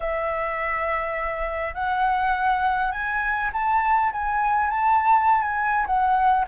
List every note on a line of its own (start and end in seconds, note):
0.00 1.74 E5
1.74 2.91 F#5
2.91 3.50 G#5
3.52 4.11 A5
4.11 4.70 G#5
4.70 5.42 A5
5.42 5.86 G#5
5.86 6.45 F#5